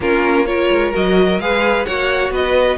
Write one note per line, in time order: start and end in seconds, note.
0.00 0.69 A#3
0.00 0.46 C#4
0.00 0.47 F4
0.00 0.46 A#4
0.46 0.92 F4
0.46 1.42 A#4
0.46 0.92 C#5
0.70 0.93 G#3
0.92 1.39 F#3
0.92 1.39 F#4
0.92 1.40 D#5
1.39 1.85 G#3
1.39 1.85 G#4
1.39 1.86 B4
1.39 1.85 F5
1.85 2.29 A#3
1.85 2.77 F#4
1.85 2.31 C#5
1.85 2.31 F#5
2.29 2.76 B3
2.29 2.77 B4
2.29 2.77 D#5